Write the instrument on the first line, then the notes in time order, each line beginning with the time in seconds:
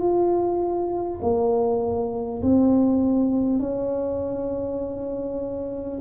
tuba
0.00 F4
1.22 A#3
2.42 C4
3.59 C#4